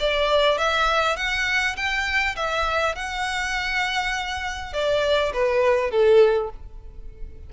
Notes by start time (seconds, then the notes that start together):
0.00 D5
0.58 E5
1.17 F#5
1.77 G5
2.36 E5
2.96 F#5
4.74 D5
5.34 B4
5.91 A4